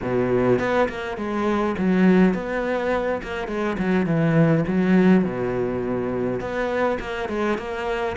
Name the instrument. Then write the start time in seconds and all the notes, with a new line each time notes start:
cello
0.02 B2
0.59 B3
0.88 A#3
1.17 G#3
1.78 F#3
2.34 B3
3.22 A#3
3.47 G#3
3.78 F#3
4.06 E3
4.67 F#3
5.24 B2
6.40 B3
6.99 A#3
7.28 G#3
7.58 A#3